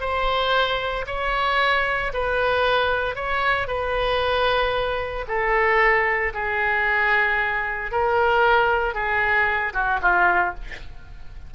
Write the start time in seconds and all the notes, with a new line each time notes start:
0.00 C5
1.06 C#5
2.13 B4
3.15 C#5
3.67 B4
5.27 A4
6.34 G#4
7.91 A#4
8.94 G#4
9.73 F#4
10.02 F4